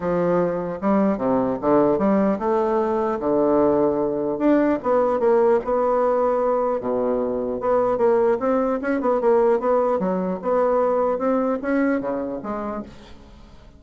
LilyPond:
\new Staff \with { instrumentName = "bassoon" } { \time 4/4 \tempo 4 = 150 f2 g4 c4 | d4 g4 a2 | d2. d'4 | b4 ais4 b2~ |
b4 b,2 b4 | ais4 c'4 cis'8 b8 ais4 | b4 fis4 b2 | c'4 cis'4 cis4 gis4 | }